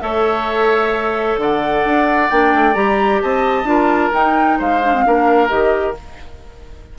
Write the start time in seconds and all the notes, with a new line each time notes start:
0.00 A3 A4 C#5 E5
1.37 D3 D5 F#5
1.85 D4
2.30 A#3 D4 G5
2.54 A3
2.74 G3 G4 A#5
3.22 C4 D#5 A5
3.64 D4 F4 A#4
4.14 D#4 G5
4.59 G#3 C5 F5
4.83 D4
4.94 C4
5.06 A#3 D4 A#4
5.49 D#3 G4 D#5